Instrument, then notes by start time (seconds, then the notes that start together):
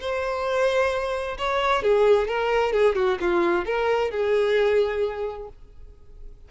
violin
0.00 C5
1.38 C#5
1.82 G#4
2.27 A#4
2.73 G#4
2.95 F#4
3.20 F4
3.65 A#4
4.11 G#4